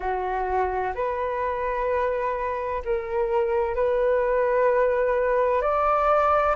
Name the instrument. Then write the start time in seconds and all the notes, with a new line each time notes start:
flute
0.00 F#4
0.94 B4
2.85 A#4
3.75 B4
5.61 D5